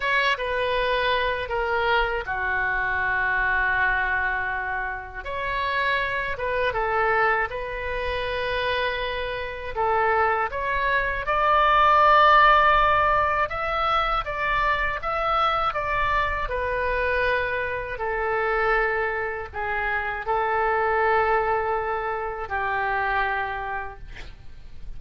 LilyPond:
\new Staff \with { instrumentName = "oboe" } { \time 4/4 \tempo 4 = 80 cis''8 b'4. ais'4 fis'4~ | fis'2. cis''4~ | cis''8 b'8 a'4 b'2~ | b'4 a'4 cis''4 d''4~ |
d''2 e''4 d''4 | e''4 d''4 b'2 | a'2 gis'4 a'4~ | a'2 g'2 | }